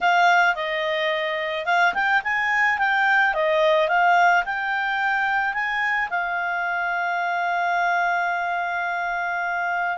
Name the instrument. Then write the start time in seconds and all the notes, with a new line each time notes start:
clarinet
0.00 F5
0.55 D#5
1.65 F5
1.94 G5
2.23 G#5
2.78 G5
3.34 D#5
3.88 F5
4.45 G5
5.53 G#5
6.10 F5